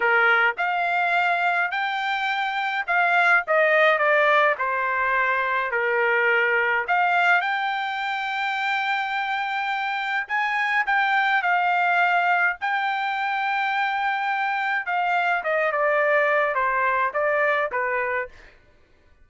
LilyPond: \new Staff \with { instrumentName = "trumpet" } { \time 4/4 \tempo 4 = 105 ais'4 f''2 g''4~ | g''4 f''4 dis''4 d''4 | c''2 ais'2 | f''4 g''2.~ |
g''2 gis''4 g''4 | f''2 g''2~ | g''2 f''4 dis''8 d''8~ | d''4 c''4 d''4 b'4 | }